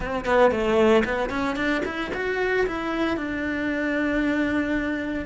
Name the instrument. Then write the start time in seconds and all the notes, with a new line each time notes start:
cello
0.00 C4
0.25 B3
0.51 A3
1.04 B3
1.29 C#4
1.56 D4
1.85 E4
2.13 F#4
2.66 E4
3.16 D4